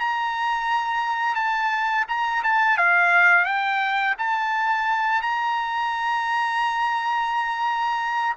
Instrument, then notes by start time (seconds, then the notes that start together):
trumpet
0.00 A#5
1.35 A5
2.09 A#5
2.44 A5
2.78 F5
3.45 G5
4.18 A5
5.22 A#5